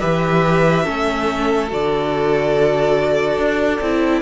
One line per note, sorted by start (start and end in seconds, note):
0.00 0.87 E3
0.00 0.85 G4
0.00 0.84 B4
0.00 1.69 E5
0.84 1.72 A3
0.84 1.68 C#4
0.84 4.22 A4
1.68 3.38 D3
1.68 3.80 F#4
1.68 4.22 D5
3.38 3.80 D4
3.81 4.22 C4
3.81 4.22 E4